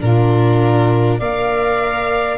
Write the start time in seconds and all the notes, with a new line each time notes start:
0.00 A#2 D4 F4 A#4
1.18 A#3 A#4 D5 F5